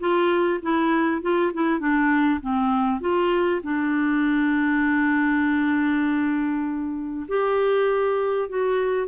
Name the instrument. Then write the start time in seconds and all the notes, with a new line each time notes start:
clarinet
0.00 F4
0.63 E4
1.22 F4
1.54 E4
1.80 D4
2.42 C4
3.01 F4
3.63 D4
7.28 G4
8.49 F#4